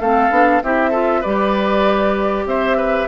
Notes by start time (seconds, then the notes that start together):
0.00 A3 C4 A4 F5
0.30 B3 D4
0.63 C4 E4 G4 E5
0.90 F4 A4
1.20 G3 G4 B4 D5
2.45 C4 C5 E5
2.77 B4